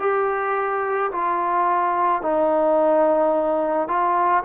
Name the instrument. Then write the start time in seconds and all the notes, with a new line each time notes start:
trombone
0.00 G4
1.12 F4
2.22 D#4
3.88 F4